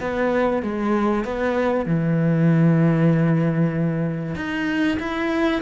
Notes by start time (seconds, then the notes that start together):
0.00 B3
0.62 G#3
1.24 B3
1.86 E3
4.35 D#4
4.99 E4